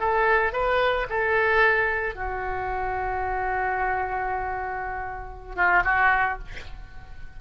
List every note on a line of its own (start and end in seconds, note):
0.00 0.53 A4
0.53 1.07 B4
1.10 2.15 A4
2.15 5.56 F#4
5.56 5.83 F4
5.85 6.39 F#4